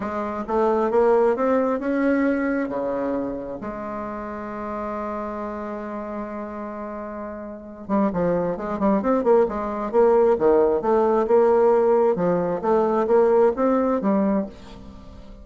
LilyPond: \new Staff \with { instrumentName = "bassoon" } { \time 4/4 \tempo 4 = 133 gis4 a4 ais4 c'4 | cis'2 cis2 | gis1~ | gis1~ |
gis4. g8 f4 gis8 g8 | c'8 ais8 gis4 ais4 dis4 | a4 ais2 f4 | a4 ais4 c'4 g4 | }